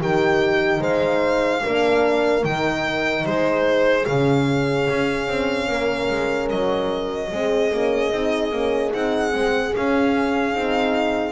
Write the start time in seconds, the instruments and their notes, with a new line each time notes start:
0.00 double bass D#3, horn D#4 G4, violin G5
0.80 double bass G#3, horn C5, violin F5
1.62 double bass A#3, horn D4 A#4
2.44 double bass D#3, horn D#4, violin G5
3.25 double bass G#3, horn G#4, violin C5
4.05 double bass C#3, horn C#4, violin F5
4.90 double bass C#4
5.28 double bass C4
5.68 double bass A#3, horn A#4
6.10 double bass G#3
6.50 double bass F#3, violin D#5
7.30 double bass G#3, horn C4 G#4
7.73 double bass A#3, horn C#4
8.12 double bass C4, horn D#4
8.52 double bass A#3, horn C#4
8.91 double bass C4, horn D#4, violin F#5
9.31 double bass G#3, horn C4
9.75 horn C#4, double bass C#4, violin F5
10.53 double bass C4, horn D#4